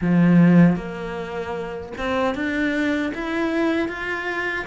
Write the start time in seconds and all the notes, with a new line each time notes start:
0.01 F3
0.75 A#3
1.97 C4
2.34 D4
3.14 E4
3.88 F4